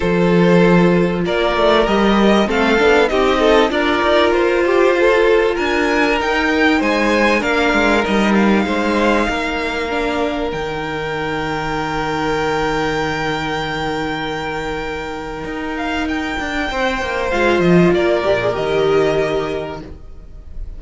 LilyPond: <<
  \new Staff \with { instrumentName = "violin" } { \time 4/4 \tempo 4 = 97 c''2 d''4 dis''4 | f''4 dis''4 d''4 c''4~ | c''4 gis''4 g''4 gis''4 | f''4 dis''8 f''2~ f''8~ |
f''4 g''2.~ | g''1~ | g''4. f''8 g''2 | f''8 dis''8 d''4 dis''2 | }
  \new Staff \with { instrumentName = "violin" } { \time 4/4 a'2 ais'2 | a'4 g'8 a'8 ais'4. g'8 | a'4 ais'2 c''4 | ais'2 c''4 ais'4~ |
ais'1~ | ais'1~ | ais'2. c''4~ | c''4 ais'2. | }
  \new Staff \with { instrumentName = "viola" } { \time 4/4 f'2. g'4 | c'8 d'8 dis'4 f'2~ | f'2 dis'2 | d'4 dis'2. |
d'4 dis'2.~ | dis'1~ | dis'1 | f'4. g'16 gis'16 g'2 | }
  \new Staff \with { instrumentName = "cello" } { \time 4/4 f2 ais8 a8 g4 | a8 b8 c'4 d'8 dis'8 f'4~ | f'4 d'4 dis'4 gis4 | ais8 gis8 g4 gis4 ais4~ |
ais4 dis2.~ | dis1~ | dis4 dis'4. d'8 c'8 ais8 | gis8 f8 ais8 ais,8 dis2 | }
>>